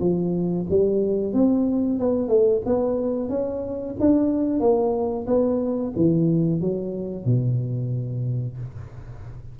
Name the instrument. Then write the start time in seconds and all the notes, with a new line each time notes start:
tuba
0.00 F3
0.70 G3
1.33 C4
1.99 B3
2.29 A3
2.66 B3
3.29 C#4
4.00 D4
4.60 A#3
5.27 B3
5.96 E3
6.61 F#3
7.25 B2